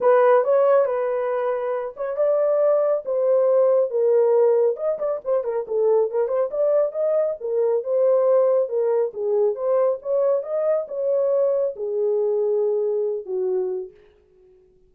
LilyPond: \new Staff \with { instrumentName = "horn" } { \time 4/4 \tempo 4 = 138 b'4 cis''4 b'2~ | b'8 cis''8 d''2 c''4~ | c''4 ais'2 dis''8 d''8 | c''8 ais'8 a'4 ais'8 c''8 d''4 |
dis''4 ais'4 c''2 | ais'4 gis'4 c''4 cis''4 | dis''4 cis''2 gis'4~ | gis'2~ gis'8 fis'4. | }